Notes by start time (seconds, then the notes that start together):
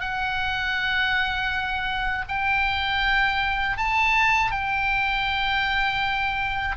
0.00 F#5
2.28 G5
3.77 A5
4.51 G5